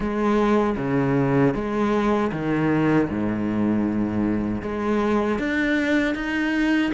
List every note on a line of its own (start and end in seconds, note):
0.00 0.76 G#3
0.77 1.54 C#3
1.54 2.31 G#3
2.31 3.08 D#3
3.09 4.62 G#2
4.62 5.38 G#3
5.38 6.14 D4
6.14 6.91 D#4